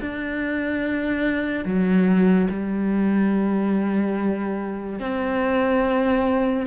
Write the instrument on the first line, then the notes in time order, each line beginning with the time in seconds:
cello
0.00 D4
1.65 F#3
2.50 G3
4.99 C4